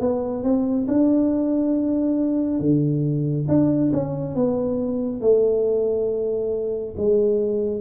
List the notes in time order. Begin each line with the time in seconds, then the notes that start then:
0.00 B3
0.43 C4
0.88 D4
2.60 D3
3.48 D4
3.93 C#4
4.35 B3
5.21 A3
6.97 G#3